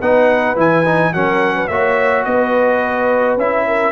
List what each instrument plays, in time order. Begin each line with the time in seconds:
0.00 tuba B3, trombone D#4, horn B4, trumpet F#5
0.56 tuba E3, trombone E4, trumpet G#5
0.85 trombone D#4
1.13 tuba F#3, trombone C#4, horn A#4, trumpet F#5
1.55 horn B4
1.67 tuba A#3, trombone F#4, horn C#5, trumpet E5
2.24 tuba B3, horn B4, trumpet D#5
3.37 tuba C#4, trombone E4, trumpet E5
3.67 horn A#4